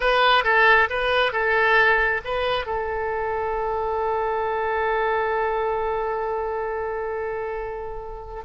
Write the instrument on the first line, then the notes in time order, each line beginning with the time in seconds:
oboe
0.00 B4
0.44 A4
0.89 B4
1.32 A4
2.24 B4
2.65 A4